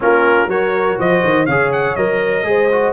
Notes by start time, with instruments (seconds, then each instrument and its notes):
0.00 tuba A#3, trombone C#4, horn F4, trumpet A#4
0.47 tuba F#3, trombone F#4, horn A#4, trumpet C#5
0.98 tuba F3, horn C5, trumpet D#5
1.23 tuba D#3
1.46 tuba C#3, trombone G#4, horn C#5, trumpet F5
1.72 trumpet F#5
1.95 tuba F#3, trombone A#4, trumpet D#5
2.43 tuba G#3, trombone G#4, horn C5
2.71 trombone F#4